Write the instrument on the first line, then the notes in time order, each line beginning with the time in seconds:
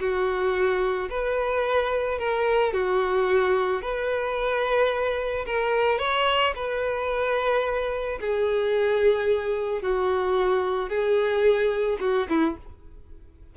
violin
0.00 F#4
1.10 B4
2.19 A#4
2.73 F#4
3.82 B4
5.46 A#4
5.99 C#5
6.56 B4
8.21 G#4
9.82 F#4
10.89 G#4
12.00 F#4
12.30 E4